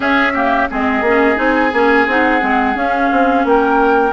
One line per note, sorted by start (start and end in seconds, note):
0.00 0.32 C#4
0.00 0.69 C#4
0.00 0.32 G#4
0.00 0.70 E5
0.33 0.69 A#3
0.33 0.68 G4
0.70 1.01 G#3
0.70 1.05 C4
0.70 3.46 G#4
0.70 1.38 D#5
1.01 1.35 A#3
1.01 1.35 C#4
1.35 1.72 C4
1.35 1.70 D#4
1.35 2.07 G#5
1.73 2.07 A#3
1.73 2.08 C#4
2.07 2.41 C4
2.07 2.40 D#4
2.07 2.76 F#5
2.40 2.75 G#3
2.40 2.74 C4
2.74 4.12 C#4
2.74 3.09 C#4
2.74 3.45 F5
3.11 3.44 C4
3.44 4.12 A#3
3.44 4.12 A#4
3.44 4.12 G5